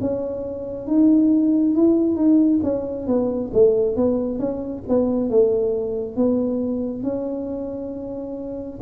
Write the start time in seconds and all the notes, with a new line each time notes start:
0.00 C#4
0.87 D#4
1.74 E4
2.15 D#4
2.63 C#4
3.06 B3
3.53 A3
3.96 B3
4.38 C#4
4.88 B3
5.29 A3
6.16 B3
7.03 C#4